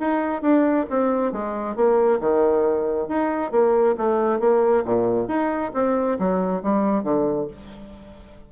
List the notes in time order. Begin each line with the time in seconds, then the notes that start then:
0.00 D#4
0.42 D4
0.90 C4
1.32 G#3
1.76 A#3
2.20 D#3
3.08 D#4
3.52 A#3
3.97 A3
4.40 A#3
4.85 A#2
5.28 D#4
5.74 C4
6.19 F#3
6.63 G3
7.03 D3